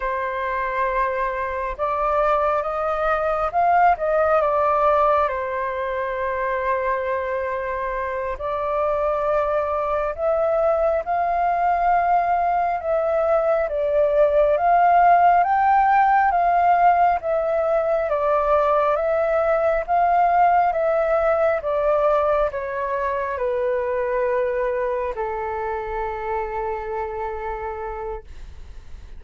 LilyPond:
\new Staff \with { instrumentName = "flute" } { \time 4/4 \tempo 4 = 68 c''2 d''4 dis''4 | f''8 dis''8 d''4 c''2~ | c''4. d''2 e''8~ | e''8 f''2 e''4 d''8~ |
d''8 f''4 g''4 f''4 e''8~ | e''8 d''4 e''4 f''4 e''8~ | e''8 d''4 cis''4 b'4.~ | b'8 a'2.~ a'8 | }